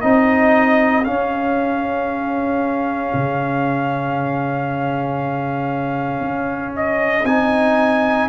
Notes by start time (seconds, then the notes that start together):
0.00 C4 D#4 G#4 D#5
1.04 C#4 F5
3.13 C#3
6.20 C#4
6.76 D#5
7.24 C4 D#4 G#5